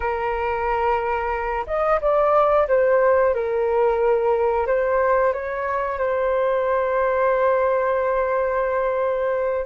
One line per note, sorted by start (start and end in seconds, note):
0.00 1.65 A#4
1.66 2.00 D#5
2.01 2.67 D5
2.68 3.34 C5
3.34 4.66 A#4
4.66 5.33 C5
5.33 5.98 C#5
5.98 9.65 C5